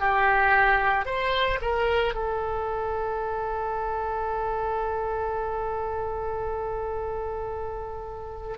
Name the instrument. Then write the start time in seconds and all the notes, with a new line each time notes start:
oboe
0.00 G4
1.06 C5
1.62 A#4
2.15 A4